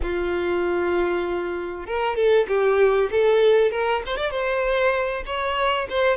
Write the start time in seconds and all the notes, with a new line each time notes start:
0.02 F4
1.86 A#4
2.15 A4
2.47 G4
3.11 A4
3.71 A#4
4.05 C5
4.16 D5
4.30 C5
5.25 C#5
5.89 C5